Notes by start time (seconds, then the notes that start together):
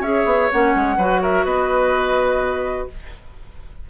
0.00 C#4 G#4 C#5 E5
0.25 B3
0.51 A#3 C#4 F#5
0.75 G#3
0.97 F#3 F#4 B4
1.22 A#4 E5
1.45 B3 B4 D#5